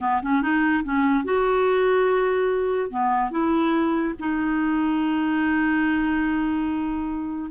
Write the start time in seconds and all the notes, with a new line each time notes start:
0.00 B3
0.22 C#4
0.42 D#4
0.84 C#4
1.24 F#4
2.90 B3
3.30 E4
4.19 D#4